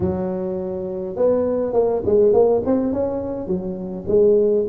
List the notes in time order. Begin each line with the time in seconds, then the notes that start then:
0.00 F#3
1.16 B3
1.73 A#3
2.05 G#3
2.33 A#3
2.65 C4
2.92 C#4
3.47 F#3
4.07 G#3